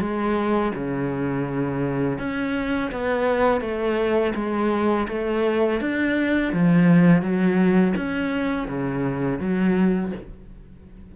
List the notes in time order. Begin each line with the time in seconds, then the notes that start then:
0.00 G#3
0.75 C#3
2.19 C#4
2.91 B3
3.61 A3
4.35 G#3
5.08 A3
5.81 D4
6.53 F3
7.22 F#3
7.96 C#4
8.68 C#3
9.39 F#3